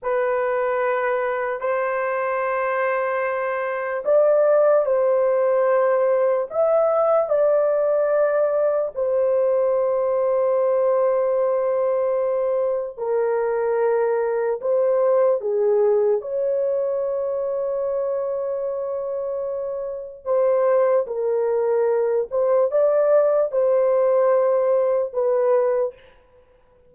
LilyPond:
\new Staff \with { instrumentName = "horn" } { \time 4/4 \tempo 4 = 74 b'2 c''2~ | c''4 d''4 c''2 | e''4 d''2 c''4~ | c''1 |
ais'2 c''4 gis'4 | cis''1~ | cis''4 c''4 ais'4. c''8 | d''4 c''2 b'4 | }